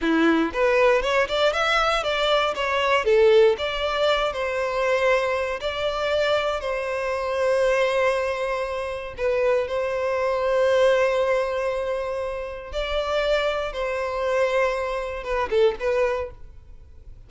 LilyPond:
\new Staff \with { instrumentName = "violin" } { \time 4/4 \tempo 4 = 118 e'4 b'4 cis''8 d''8 e''4 | d''4 cis''4 a'4 d''4~ | d''8 c''2~ c''8 d''4~ | d''4 c''2.~ |
c''2 b'4 c''4~ | c''1~ | c''4 d''2 c''4~ | c''2 b'8 a'8 b'4 | }